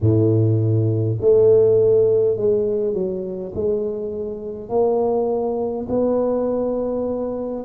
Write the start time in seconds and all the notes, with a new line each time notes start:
0.00 A2
1.21 A3
2.36 G#3
2.93 F#3
3.55 G#3
4.68 A#3
5.88 B3